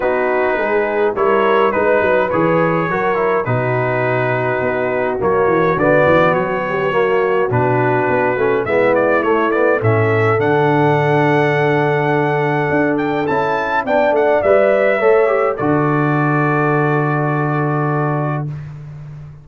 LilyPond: <<
  \new Staff \with { instrumentName = "trumpet" } { \time 4/4 \tempo 4 = 104 b'2 cis''4 b'4 | cis''2 b'2~ | b'4 cis''4 d''4 cis''4~ | cis''4 b'2 e''8 d''8 |
cis''8 d''8 e''4 fis''2~ | fis''2~ fis''8 g''8 a''4 | g''8 fis''8 e''2 d''4~ | d''1 | }
  \new Staff \with { instrumentName = "horn" } { \time 4/4 fis'4 gis'4 ais'4 b'4~ | b'4 ais'4 fis'2~ | fis'2.~ fis'8 g'8 | fis'2. e'4~ |
e'4 a'2.~ | a'1 | d''2 cis''4 a'4~ | a'1 | }
  \new Staff \with { instrumentName = "trombone" } { \time 4/4 dis'2 e'4 dis'4 | gis'4 fis'8 e'8 dis'2~ | dis'4 ais4 b2 | ais4 d'4. cis'8 b4 |
a8 b8 cis'4 d'2~ | d'2. e'4 | d'4 b'4 a'8 g'8 fis'4~ | fis'1 | }
  \new Staff \with { instrumentName = "tuba" } { \time 4/4 b4 gis4 g4 gis8 fis8 | e4 fis4 b,2 | b4 fis8 e8 d8 e8 fis4~ | fis4 b,4 b8 a8 gis4 |
a4 a,4 d2~ | d2 d'4 cis'4 | b8 a8 g4 a4 d4~ | d1 | }
>>